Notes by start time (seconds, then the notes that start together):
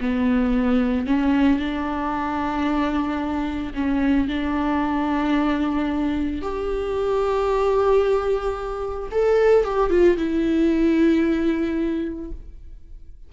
0.00 B3
1.06 C#4
1.59 D4
3.74 C#4
4.27 D4
6.41 G4
9.11 A4
9.64 G4
9.90 F4
10.17 E4